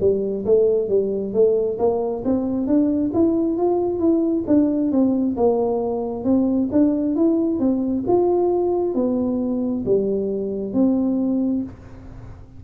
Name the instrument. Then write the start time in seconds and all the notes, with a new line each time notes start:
tuba
0.00 G3
0.46 A3
0.88 G3
1.34 A3
1.79 A#3
2.25 C4
2.67 D4
3.13 E4
3.57 F4
3.99 E4
4.47 D4
4.91 C4
5.36 A#3
6.24 C4
6.72 D4
7.16 E4
7.59 C4
8.07 F4
8.95 B3
9.85 G3
10.73 C4